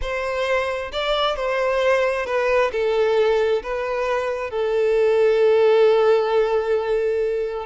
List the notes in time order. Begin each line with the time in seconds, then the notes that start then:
0.01 C5
0.91 D5
1.35 C5
2.26 B4
2.72 A4
3.62 B4
4.50 A4